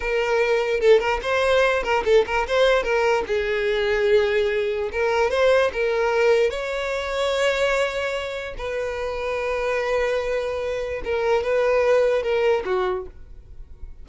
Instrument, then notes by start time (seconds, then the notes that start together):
violin
0.00 A#4
0.80 A4
0.99 A#4
1.22 C5
1.83 A#4
2.04 A4
2.26 A#4
2.47 C5
2.83 A#4
3.26 G#4
4.92 A#4
5.30 C5
5.72 A#4
6.50 C#5
8.57 B4
11.04 A#4
11.43 B4
12.22 A#4
12.65 F#4